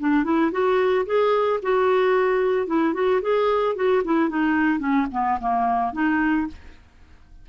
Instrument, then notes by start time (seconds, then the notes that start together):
clarinet
0.00 D4
0.24 E4
0.52 F#4
1.06 G#4
1.63 F#4
2.67 E4
2.94 F#4
3.22 G#4
3.76 F#4
4.05 E4
4.30 D#4
4.80 C#4
5.12 B3
5.40 A#3
5.93 D#4